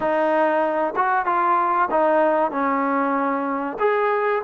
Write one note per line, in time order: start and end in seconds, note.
0.00 0.94 D#4
0.96 1.25 F#4
1.25 1.89 F4
1.90 2.51 D#4
2.51 3.77 C#4
3.79 4.42 G#4